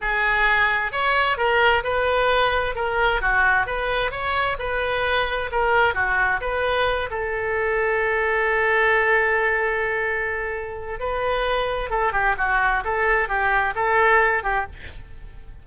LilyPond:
\new Staff \with { instrumentName = "oboe" } { \time 4/4 \tempo 4 = 131 gis'2 cis''4 ais'4 | b'2 ais'4 fis'4 | b'4 cis''4 b'2 | ais'4 fis'4 b'4. a'8~ |
a'1~ | a'1 | b'2 a'8 g'8 fis'4 | a'4 g'4 a'4. g'8 | }